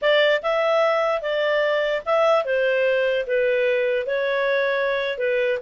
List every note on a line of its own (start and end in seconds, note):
0.01 0.42 D5
0.42 1.21 E5
1.21 2.02 D5
2.05 2.44 E5
2.44 3.25 C5
3.26 4.06 B4
4.06 5.18 C#5
5.18 5.58 B4